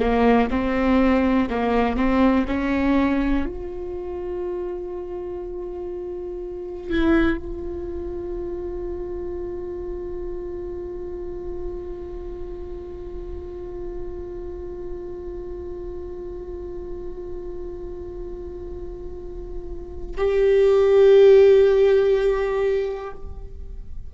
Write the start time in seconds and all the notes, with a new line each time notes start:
0.00 A#3
0.51 C4
1.50 A#3
1.97 C4
2.48 C#4
3.46 F4
6.90 E4
7.38 F4
20.18 G4